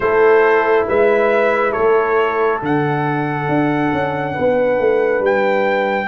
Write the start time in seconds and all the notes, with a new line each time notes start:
0.00 A3 E4 A4 C5
0.87 G#3 B4 E5
1.72 A3 A4 C#5
2.60 D3 D4 F#5
3.48 D4
3.93 C#4
4.33 B3 B4
4.79 A3
5.20 G3 G5